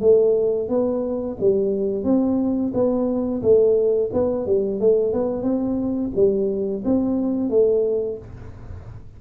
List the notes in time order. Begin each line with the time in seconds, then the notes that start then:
0.00 A3
0.68 B3
1.40 G3
2.03 C4
2.73 B3
3.42 A3
4.12 B3
4.46 G3
4.80 A3
5.13 B3
5.42 C4
6.15 G3
6.84 C4
7.49 A3